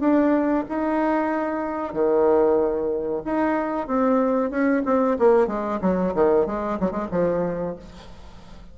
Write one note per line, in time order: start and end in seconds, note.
0.00 0.65 D4
0.69 1.93 D#4
1.93 3.22 D#3
3.25 3.87 D#4
3.87 4.50 C4
4.50 4.82 C#4
4.85 5.17 C4
5.18 5.47 A#3
5.47 5.79 G#3
5.81 6.13 F#3
6.14 6.46 D#3
6.46 6.78 G#3
6.80 6.91 F#3
6.91 7.07 G#3
7.11 7.76 F3